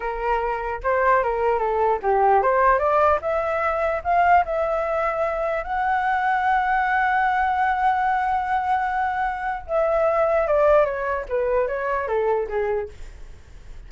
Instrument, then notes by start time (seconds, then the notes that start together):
flute
0.00 A#4
0.83 C5
1.23 A#4
1.58 A4
2.02 G4
2.42 C5
2.78 D5
3.21 E5
4.04 F5
4.45 E5
5.63 F#5
9.66 E5
10.47 D5
10.85 C#5
11.28 B4
11.67 C#5
12.07 A4
12.48 G#4